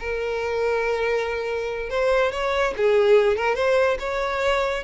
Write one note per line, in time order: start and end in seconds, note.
0.00 1.90 A#4
1.90 2.32 C5
2.32 2.74 C#5
2.77 3.37 G#4
3.37 3.56 A#4
3.56 3.98 C5
4.00 4.84 C#5